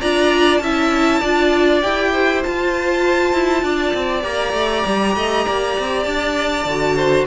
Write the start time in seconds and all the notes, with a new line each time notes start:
0.00 D4 F4 D5 A#5
0.57 C#4 E5 A5
0.64 E4
1.20 D4 F4 D5
1.82 E4 G4 G5
2.12 C5
2.42 F4 A5
3.33 E4
3.62 D4 D5
3.93 C4
4.21 A#3 G4 A#5
4.53 A3
4.85 G3
5.15 A3 D#5
5.45 A#3 D5
5.78 C4
6.03 D4 A5
6.65 D3 F#4
6.96 C5